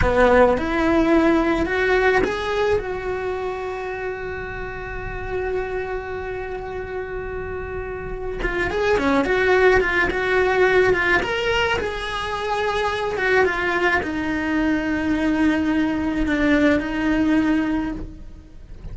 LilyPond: \new Staff \with { instrumentName = "cello" } { \time 4/4 \tempo 4 = 107 b4 e'2 fis'4 | gis'4 fis'2.~ | fis'1~ | fis'2. f'8 gis'8 |
cis'8 fis'4 f'8 fis'4. f'8 | ais'4 gis'2~ gis'8 fis'8 | f'4 dis'2.~ | dis'4 d'4 dis'2 | }